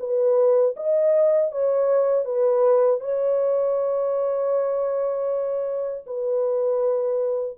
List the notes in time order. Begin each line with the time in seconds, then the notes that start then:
0.00 B4
0.77 D#5
1.52 C#5
2.25 B4
3.01 C#5
6.07 B4